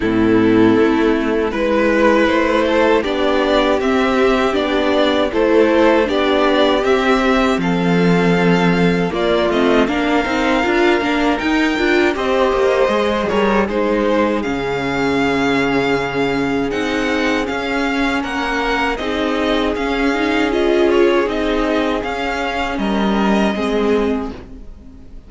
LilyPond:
<<
  \new Staff \with { instrumentName = "violin" } { \time 4/4 \tempo 4 = 79 a'2 b'4 c''4 | d''4 e''4 d''4 c''4 | d''4 e''4 f''2 | d''8 dis''8 f''2 g''4 |
dis''4. cis''8 c''4 f''4~ | f''2 fis''4 f''4 | fis''4 dis''4 f''4 dis''8 cis''8 | dis''4 f''4 dis''2 | }
  \new Staff \with { instrumentName = "violin" } { \time 4/4 e'2 b'4. a'8 | g'2. a'4 | g'2 a'2 | f'4 ais'2. |
c''4. ais'8 gis'2~ | gis'1 | ais'4 gis'2.~ | gis'2 ais'4 gis'4 | }
  \new Staff \with { instrumentName = "viola" } { \time 4/4 c'2 e'2 | d'4 c'4 d'4 e'4 | d'4 c'2. | ais8 c'8 d'8 dis'8 f'8 d'8 dis'8 f'8 |
g'4 gis'4 dis'4 cis'4~ | cis'2 dis'4 cis'4~ | cis'4 dis'4 cis'8 dis'8 f'4 | dis'4 cis'2 c'4 | }
  \new Staff \with { instrumentName = "cello" } { \time 4/4 a,4 a4 gis4 a4 | b4 c'4 b4 a4 | b4 c'4 f2 | ais8 a8 ais8 c'8 d'8 ais8 dis'8 d'8 |
c'8 ais8 gis8 g8 gis4 cis4~ | cis2 c'4 cis'4 | ais4 c'4 cis'2 | c'4 cis'4 g4 gis4 | }
>>